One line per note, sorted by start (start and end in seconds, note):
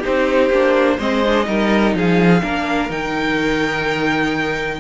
0.00 0.51 D#4
0.00 0.95 G4
0.00 1.00 C5
0.07 0.50 C4
0.50 0.98 A#3
0.50 1.00 D4
0.98 1.48 G#3
0.98 1.24 C4
0.98 1.46 C5
0.98 1.95 D#5
1.26 1.45 D4
1.45 1.94 G3
1.45 2.41 D#4
1.45 1.96 A#4
1.94 2.42 F3
1.94 2.43 G#4
1.94 2.92 F5
2.43 2.90 A#3
2.43 2.90 D4
2.43 4.81 A#4
2.90 4.80 D#3
2.90 4.81 D#4
2.90 4.81 G5